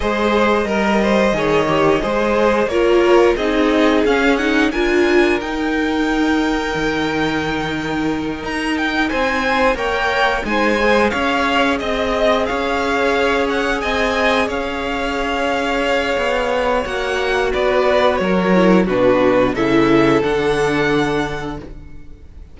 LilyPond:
<<
  \new Staff \with { instrumentName = "violin" } { \time 4/4 \tempo 4 = 89 dis''1 | cis''4 dis''4 f''8 fis''8 gis''4 | g''1~ | g''8 ais''8 g''8 gis''4 g''4 gis''8~ |
gis''8 f''4 dis''4 f''4. | fis''8 gis''4 f''2~ f''8~ | f''4 fis''4 d''4 cis''4 | b'4 e''4 fis''2 | }
  \new Staff \with { instrumentName = "violin" } { \time 4/4 c''4 ais'8 c''8 cis''4 c''4 | ais'4 gis'2 ais'4~ | ais'1~ | ais'4. c''4 cis''4 c''8~ |
c''8 cis''4 dis''4 cis''4.~ | cis''8 dis''4 cis''2~ cis''8~ | cis''2 b'4 ais'4 | fis'4 a'2. | }
  \new Staff \with { instrumentName = "viola" } { \time 4/4 gis'4 ais'4 gis'8 g'8 gis'4 | f'4 dis'4 cis'8 dis'8 f'4 | dis'1~ | dis'2~ dis'8 ais'4 dis'8 |
gis'1~ | gis'1~ | gis'4 fis'2~ fis'8 e'8 | d'4 e'4 d'2 | }
  \new Staff \with { instrumentName = "cello" } { \time 4/4 gis4 g4 dis4 gis4 | ais4 c'4 cis'4 d'4 | dis'2 dis2~ | dis8 dis'4 c'4 ais4 gis8~ |
gis8 cis'4 c'4 cis'4.~ | cis'8 c'4 cis'2~ cis'8 | b4 ais4 b4 fis4 | b,4 cis4 d2 | }
>>